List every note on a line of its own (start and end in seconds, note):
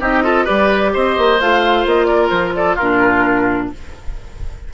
0.00 0.46 C4
0.00 0.23 D#4
0.00 0.23 G4
0.00 0.47 D#5
0.23 0.46 F4
0.23 0.45 A4
0.45 0.95 G3
0.45 1.38 G4
0.45 0.91 B4
0.45 0.93 D5
0.94 1.18 C4
0.94 2.08 C5
0.94 1.41 D#5
1.18 1.41 A#3
1.41 1.86 A3
1.41 2.80 F4
1.41 1.87 F5
1.86 2.31 A#3
1.86 2.05 D#5
2.05 2.54 A#4
2.05 2.28 D5
2.29 2.77 F3
2.29 2.52 C5
2.55 2.76 A4
2.55 2.77 D5
2.76 3.72 A#2
2.76 3.74 D4
2.76 3.69 F4
2.76 3.70 A#4